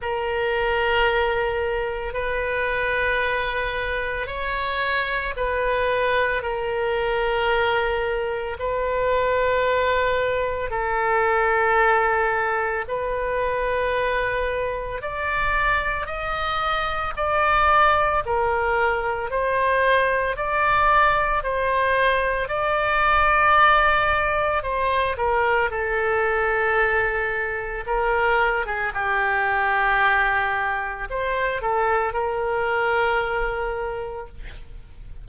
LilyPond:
\new Staff \with { instrumentName = "oboe" } { \time 4/4 \tempo 4 = 56 ais'2 b'2 | cis''4 b'4 ais'2 | b'2 a'2 | b'2 d''4 dis''4 |
d''4 ais'4 c''4 d''4 | c''4 d''2 c''8 ais'8 | a'2 ais'8. gis'16 g'4~ | g'4 c''8 a'8 ais'2 | }